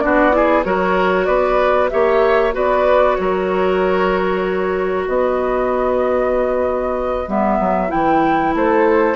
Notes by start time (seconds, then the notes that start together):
0.00 B3 D4 F#4 D5
0.32 E4 G#4
0.64 F#3 F#4 A#4 C#5
1.26 B3 B4 D5
1.90 A#3 G4 C#5 E5
2.53 B3 F#4 B4 D5
3.16 F#3 A#4 C#5
5.08 B3 B4 D#5
7.27 G3 B3 E5
7.60 F#3
7.88 E3 E4 G5
8.55 A3 A4 C5